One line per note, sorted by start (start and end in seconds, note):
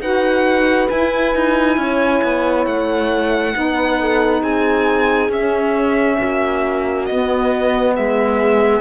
0.00 0.88 D#4
0.00 0.90 F#4
0.00 1.78 B4
0.00 0.89 F#5
0.89 3.53 E4
0.89 1.35 E4
0.89 2.66 G#5
1.35 1.77 D#4
1.77 2.21 C#4
1.77 3.55 C#5
2.23 2.67 B3
2.66 3.55 A3
2.66 4.42 F#5
3.53 4.42 B3
3.53 5.30 D#4
3.53 4.01 B4
4.01 4.41 A4
4.41 5.29 C4
4.41 6.17 G#4
4.41 5.31 G#5
5.29 6.17 C#4
5.29 7.09 C#4
5.29 7.06 E5
6.17 7.10 A#3
6.17 7.94 F#4
7.06 8.81 B3
7.06 7.98 B3
7.06 7.94 D#5
7.96 8.81 G#3
7.96 8.81 G#4
7.96 8.81 E5